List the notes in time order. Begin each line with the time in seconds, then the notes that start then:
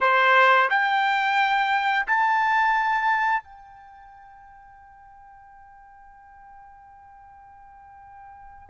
0.01 C5
0.70 G5
2.06 A5
3.43 G5